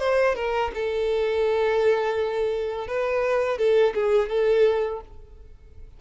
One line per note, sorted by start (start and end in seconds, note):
0.00 0.36 C5
0.36 0.72 A#4
0.75 2.88 A4
2.88 3.58 B4
3.58 3.94 A4
3.95 4.30 G#4
4.30 5.01 A4